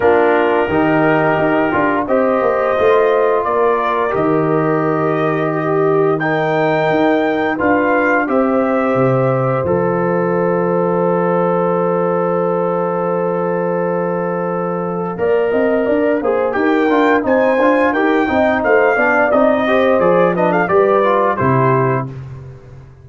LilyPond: <<
  \new Staff \with { instrumentName = "trumpet" } { \time 4/4 \tempo 4 = 87 ais'2. dis''4~ | dis''4 d''4 dis''2~ | dis''4 g''2 f''4 | e''2 f''2~ |
f''1~ | f''1 | g''4 gis''4 g''4 f''4 | dis''4 d''8 dis''16 f''16 d''4 c''4 | }
  \new Staff \with { instrumentName = "horn" } { \time 4/4 f'4 g'2 c''4~ | c''4 ais'2. | g'4 ais'2 b'4 | c''1~ |
c''1~ | c''2 d''8 dis''8 d''8 c''8 | ais'4 c''4 ais'8 dis''8 c''8 d''8~ | d''8 c''4 b'16 a'16 b'4 g'4 | }
  \new Staff \with { instrumentName = "trombone" } { \time 4/4 d'4 dis'4. f'8 g'4 | f'2 g'2~ | g'4 dis'2 f'4 | g'2 a'2~ |
a'1~ | a'2 ais'4. gis'8 | g'8 f'8 dis'8 f'8 g'8 dis'4 d'8 | dis'8 g'8 gis'8 d'8 g'8 f'8 e'4 | }
  \new Staff \with { instrumentName = "tuba" } { \time 4/4 ais4 dis4 dis'8 d'8 c'8 ais8 | a4 ais4 dis2~ | dis2 dis'4 d'4 | c'4 c4 f2~ |
f1~ | f2 ais8 c'8 d'8 ais8 | dis'8 d'8 c'8 d'8 dis'8 c'8 a8 b8 | c'4 f4 g4 c4 | }
>>